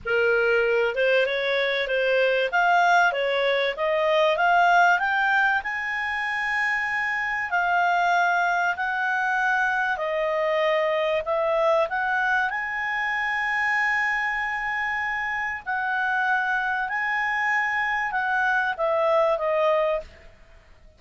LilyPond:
\new Staff \with { instrumentName = "clarinet" } { \time 4/4 \tempo 4 = 96 ais'4. c''8 cis''4 c''4 | f''4 cis''4 dis''4 f''4 | g''4 gis''2. | f''2 fis''2 |
dis''2 e''4 fis''4 | gis''1~ | gis''4 fis''2 gis''4~ | gis''4 fis''4 e''4 dis''4 | }